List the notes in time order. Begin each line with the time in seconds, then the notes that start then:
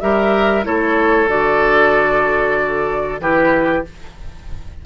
0.00 G3 G4 A#4 E5
0.63 A3 E4 A4 C#5
1.28 D3 F#4 D5
3.19 E3 E4 G4 B4